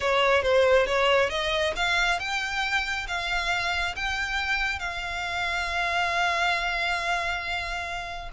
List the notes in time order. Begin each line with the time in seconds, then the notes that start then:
0.00 C#5
0.42 C5
0.86 C#5
1.29 D#5
1.76 F5
2.19 G5
3.07 F5
3.95 G5
4.79 F5